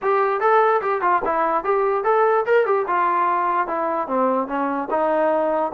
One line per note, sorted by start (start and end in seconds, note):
0.02 0.40 G4
0.40 0.81 A4
0.81 1.01 G4
1.01 1.22 F4
1.24 1.63 E4
1.63 2.04 G4
2.04 2.44 A4
2.46 2.66 A#4
2.66 2.86 G4
2.87 3.67 F4
3.67 4.07 E4
4.07 4.47 C4
4.47 4.88 C#4
4.90 5.72 D#4